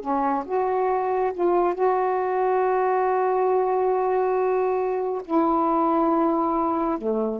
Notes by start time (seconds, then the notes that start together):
0.00 C#4
0.45 F#4
1.33 F4
1.74 F#4
5.25 E4
6.98 A3